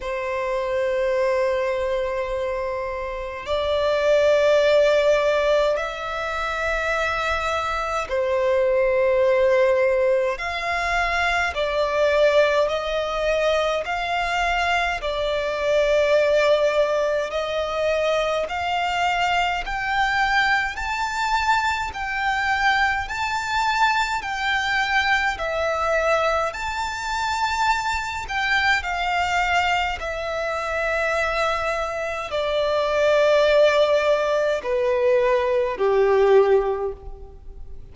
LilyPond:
\new Staff \with { instrumentName = "violin" } { \time 4/4 \tempo 4 = 52 c''2. d''4~ | d''4 e''2 c''4~ | c''4 f''4 d''4 dis''4 | f''4 d''2 dis''4 |
f''4 g''4 a''4 g''4 | a''4 g''4 e''4 a''4~ | a''8 g''8 f''4 e''2 | d''2 b'4 g'4 | }